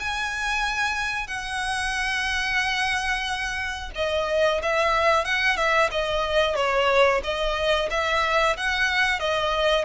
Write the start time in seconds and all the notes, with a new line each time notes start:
0.00 G#5
1.27 F#5
3.95 D#5
4.63 E5
5.25 F#5
5.57 E5
5.92 D#5
6.56 C#5
7.24 D#5
7.91 E5
8.57 F#5
9.20 D#5